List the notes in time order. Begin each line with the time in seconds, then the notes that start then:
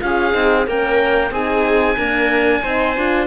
0.00 C#4 F4 G#4 F5
0.32 C4 D#4
0.66 A#3 C#4 A#4 G5
1.31 C4 D#4 G#4 G#5
1.97 A#3 D4 A#4
2.62 C4 D#4 C5
2.95 D4 F4